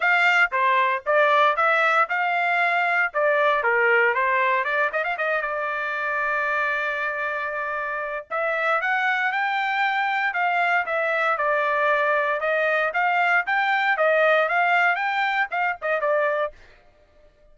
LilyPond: \new Staff \with { instrumentName = "trumpet" } { \time 4/4 \tempo 4 = 116 f''4 c''4 d''4 e''4 | f''2 d''4 ais'4 | c''4 d''8 dis''16 f''16 dis''8 d''4.~ | d''1 |
e''4 fis''4 g''2 | f''4 e''4 d''2 | dis''4 f''4 g''4 dis''4 | f''4 g''4 f''8 dis''8 d''4 | }